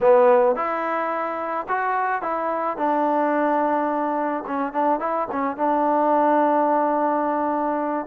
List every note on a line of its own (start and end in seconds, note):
0.00 0.55 B3
0.55 1.66 E4
1.68 2.22 F#4
2.22 2.77 E4
2.77 4.43 D4
4.46 4.72 C#4
4.72 4.99 D4
4.99 5.27 E4
5.31 5.56 C#4
5.56 8.06 D4